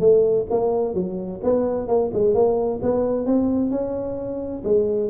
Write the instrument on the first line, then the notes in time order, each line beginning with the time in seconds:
tuba
0.00 A3
0.51 A#3
0.95 F#3
1.44 B3
1.88 A#3
2.14 G#3
2.34 A#3
2.83 B3
3.26 C4
3.71 C#4
4.64 G#3